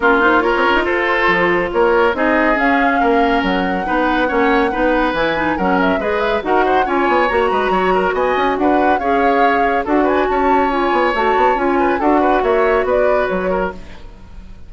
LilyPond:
<<
  \new Staff \with { instrumentName = "flute" } { \time 4/4 \tempo 4 = 140 ais'8 c''8 cis''4 c''2 | cis''4 dis''4 f''2 | fis''1 | gis''4 fis''8 e''8 dis''8 e''8 fis''4 |
gis''4 ais''2 gis''4 | fis''4 f''2 fis''8 gis''8 | a''4 gis''4 a''4 gis''4 | fis''4 e''4 d''4 cis''4 | }
  \new Staff \with { instrumentName = "oboe" } { \time 4/4 f'4 ais'4 a'2 | ais'4 gis'2 ais'4~ | ais'4 b'4 cis''4 b'4~ | b'4 ais'4 b'4 ais'8 c''8 |
cis''4. b'8 cis''8 ais'8 dis''4 | b'4 cis''2 a'8 b'8 | cis''2.~ cis''8 b'8 | a'8 b'8 cis''4 b'4. ais'8 | }
  \new Staff \with { instrumentName = "clarinet" } { \time 4/4 cis'8 dis'8 f'2.~ | f'4 dis'4 cis'2~ | cis'4 dis'4 cis'4 dis'4 | e'8 dis'8 cis'4 gis'4 fis'4 |
f'4 fis'2.~ | fis'4 gis'2 fis'4~ | fis'4 f'4 fis'4 f'4 | fis'1 | }
  \new Staff \with { instrumentName = "bassoon" } { \time 4/4 ais4~ ais16 c'16 cis'16 dis'16 f'4 f4 | ais4 c'4 cis'4 ais4 | fis4 b4 ais4 b4 | e4 fis4 gis4 dis'4 |
cis'8 b8 ais8 gis8 fis4 b8 cis'8 | d'4 cis'2 d'4 | cis'4. b8 a8 b8 cis'4 | d'4 ais4 b4 fis4 | }
>>